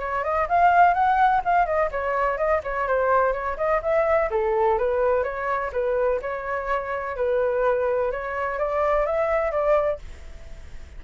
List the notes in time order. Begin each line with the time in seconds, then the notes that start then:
0.00 C#5
0.24 D#5
0.48 F5
0.94 F#5
1.45 F5
1.66 D#5
1.92 C#5
2.37 D#5
2.63 C#5
2.87 C5
3.33 C#5
3.57 D#5
3.82 E5
4.31 A4
4.78 B4
5.23 C#5
5.73 B4
6.22 C#5
7.16 B4
8.12 C#5
8.59 D5
9.06 E5
9.52 D5